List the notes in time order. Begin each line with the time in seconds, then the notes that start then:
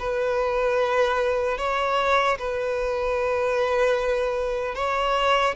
0.00 B4
1.58 C#5
2.39 B4
4.75 C#5